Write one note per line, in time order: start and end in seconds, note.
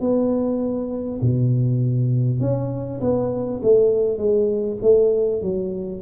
0.00 1.20 B3
1.21 2.40 B2
2.40 3.00 C#4
3.00 3.60 B3
3.62 4.17 A3
4.17 4.77 G#3
4.81 5.41 A3
5.41 6.01 F#3